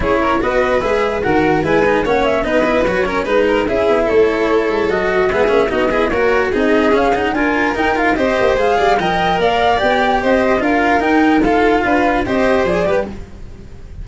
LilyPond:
<<
  \new Staff \with { instrumentName = "flute" } { \time 4/4 \tempo 4 = 147 cis''4 dis''4 e''4 fis''4 | gis''4 fis''8 e''8 dis''4 cis''4 | b'4 e''4 cis''2 | dis''4 e''4 dis''4 cis''4 |
dis''4 f''8 fis''8 gis''4 g''8 f''8 | dis''4 f''4 g''4 f''4 | g''4 dis''4 f''4 g''4 | f''2 dis''4 d''4 | }
  \new Staff \with { instrumentName = "violin" } { \time 4/4 gis'8 ais'8 b'2 ais'4 | b'4 cis''4 b'4. ais'8 | b'8 ais'8 gis'4 a'2~ | a'4 gis'4 fis'8 gis'8 ais'4 |
gis'2 ais'2 | c''4. d''8 dis''4 d''4~ | d''4 c''4 ais'2 | a'4 b'4 c''4. b'8 | }
  \new Staff \with { instrumentName = "cello" } { \time 4/4 e'4 fis'4 gis'4 fis'4 | e'8 dis'8 cis'4 dis'8 e'8 fis'8 cis'8 | dis'4 e'2. | fis'4 b8 cis'8 dis'8 e'8 fis'4 |
dis'4 cis'8 dis'8 f'4 dis'8 f'8 | g'4 gis'4 ais'2 | g'2 f'4 dis'4 | f'2 g'4 gis'8 g'8 | }
  \new Staff \with { instrumentName = "tuba" } { \time 4/4 cis'4 b4 gis4 dis4 | gis4 ais4 b4 fis4 | gis4 cis'8 b8 a4. gis8 | fis4 gis8 ais8 b4 ais4 |
c'4 cis'4 d'4 dis'4 | c'8 ais8 gis8 g8 f4 ais4 | b4 c'4 d'4 dis'4~ | dis'4 d'4 c'4 f8 g8 | }
>>